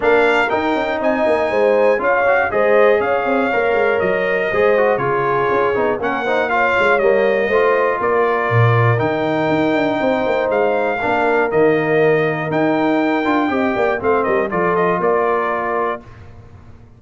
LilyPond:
<<
  \new Staff \with { instrumentName = "trumpet" } { \time 4/4 \tempo 4 = 120 f''4 g''4 gis''2 | f''4 dis''4 f''2 | dis''2 cis''2 | fis''4 f''4 dis''2 |
d''2 g''2~ | g''4 f''2 dis''4~ | dis''4 g''2. | f''8 dis''8 d''8 dis''8 d''2 | }
  \new Staff \with { instrumentName = "horn" } { \time 4/4 ais'2 dis''4 c''4 | cis''4 c''4 cis''2~ | cis''4 c''4 gis'2 | ais'8 c''8 cis''2 c''4 |
ais'1 | c''2 ais'2~ | ais'2. dis''8 d''8 | c''8 ais'8 a'4 ais'2 | }
  \new Staff \with { instrumentName = "trombone" } { \time 4/4 d'4 dis'2. | f'8 fis'8 gis'2 ais'4~ | ais'4 gis'8 fis'8 f'4. dis'8 | cis'8 dis'8 f'4 ais4 f'4~ |
f'2 dis'2~ | dis'2 d'4 ais4~ | ais4 dis'4. f'8 g'4 | c'4 f'2. | }
  \new Staff \with { instrumentName = "tuba" } { \time 4/4 ais4 dis'8 cis'8 c'8 ais8 gis4 | cis'4 gis4 cis'8 c'8 ais8 gis8 | fis4 gis4 cis4 cis'8 b8 | ais4. gis8 g4 a4 |
ais4 ais,4 dis4 dis'8 d'8 | c'8 ais8 gis4 ais4 dis4~ | dis4 dis'4. d'8 c'8 ais8 | a8 g8 f4 ais2 | }
>>